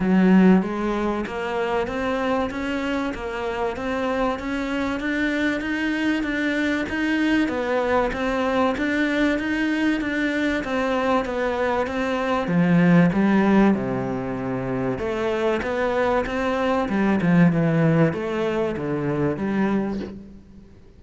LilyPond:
\new Staff \with { instrumentName = "cello" } { \time 4/4 \tempo 4 = 96 fis4 gis4 ais4 c'4 | cis'4 ais4 c'4 cis'4 | d'4 dis'4 d'4 dis'4 | b4 c'4 d'4 dis'4 |
d'4 c'4 b4 c'4 | f4 g4 c2 | a4 b4 c'4 g8 f8 | e4 a4 d4 g4 | }